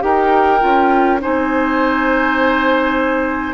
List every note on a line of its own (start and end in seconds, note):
0.00 0.62 D#4
0.00 0.59 G4
0.00 1.21 A#4
0.00 1.19 G5
0.60 1.22 C#4
0.60 1.19 F4
1.21 3.53 C4
1.21 3.53 D#4
1.21 3.53 C5
1.21 3.53 G#5